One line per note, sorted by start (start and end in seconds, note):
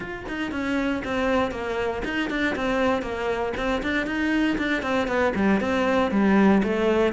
0.00 0.24 F4
0.28 0.51 D#4
0.51 1.02 C#4
1.04 1.51 C4
1.51 2.02 A#3
2.04 2.30 D#4
2.30 2.55 D4
2.55 3.02 C4
3.02 3.52 A#3
3.56 3.82 C4
3.82 4.06 D4
4.06 4.57 D#4
4.58 4.82 D4
4.82 5.07 C4
5.07 5.33 B3
5.35 5.60 G3
5.60 6.11 C4
6.11 6.62 G3
6.63 7.13 A3